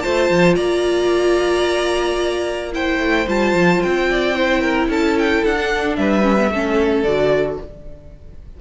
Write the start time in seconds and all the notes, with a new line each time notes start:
0.00 A3 F4 C5 A5
0.30 F3
0.55 A#3 D5 A#5
2.73 E4 C5 G5
2.99 A3
3.27 G3 F4 A5
3.53 F3
3.82 C4 G5
4.10 D5
4.35 E4 C5
4.61 A#4
4.88 C#4 A4 A5
5.18 G5
5.44 D4 F#5
5.57 D4
5.96 G3 B4 E5
6.23 C#4
6.38 B3
6.50 A3 C#4 A4
7.03 D3 F#4 D5